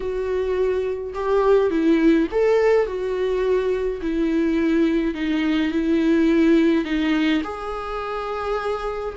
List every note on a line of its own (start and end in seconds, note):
0.00 1.13 F#4
1.14 1.70 G4
1.70 2.27 E4
2.31 2.86 A4
2.86 4.01 F#4
4.01 5.14 E4
5.14 5.71 D#4
5.71 6.84 E4
6.84 7.42 D#4
7.43 9.15 G#4